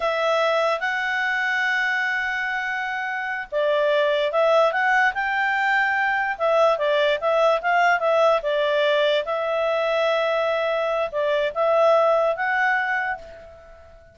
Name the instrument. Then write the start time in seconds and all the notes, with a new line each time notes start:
clarinet
0.00 E5
0.80 F#5
3.51 D5
4.32 E5
4.72 F#5
5.14 G5
6.38 E5
6.78 D5
7.20 E5
7.61 F5
7.99 E5
8.42 D5
9.25 E5
11.11 D5
11.54 E5
12.35 F#5